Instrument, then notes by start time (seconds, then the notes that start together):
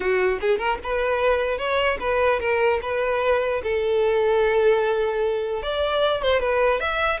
violin
0.00 F#4
0.41 G#4
0.58 A#4
0.83 B4
1.57 C#5
2.00 B4
2.40 A#4
2.82 B4
3.63 A4
5.62 D5
6.22 C5
6.40 B4
6.79 E5